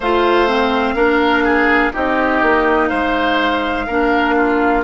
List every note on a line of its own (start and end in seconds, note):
0.00 0.94 A3
0.00 0.47 F4
0.00 0.95 C5
0.00 1.94 F5
0.47 0.96 C4
0.94 1.91 A#3
0.94 1.92 D4
0.94 1.44 A#4
1.44 1.92 G#4
1.92 2.42 C4
1.92 3.86 D#4
1.92 2.89 G4
1.92 2.88 D#5
2.42 2.90 A#3
2.88 3.88 G#3
2.88 3.85 C5
2.88 4.82 F5
3.86 4.83 A#3
3.86 4.83 D4
3.86 4.35 A#4
4.36 4.83 F4